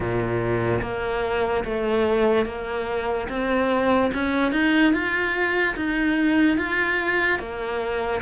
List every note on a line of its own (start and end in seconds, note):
0.00 0.81 A#2
0.81 1.64 A#3
1.64 2.45 A3
2.45 3.28 A#3
3.29 4.11 C4
4.13 4.52 C#4
4.52 4.93 D#4
4.93 5.75 F4
5.75 6.58 D#4
6.58 7.39 F4
7.39 8.21 A#3